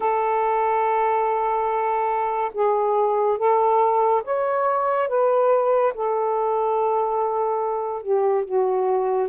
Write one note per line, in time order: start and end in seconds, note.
0.00 2.51 A4
2.54 3.38 G#4
3.38 4.22 A4
4.24 5.08 C#5
5.08 5.93 B4
5.94 8.02 A4
8.02 8.44 G4
8.44 9.28 F#4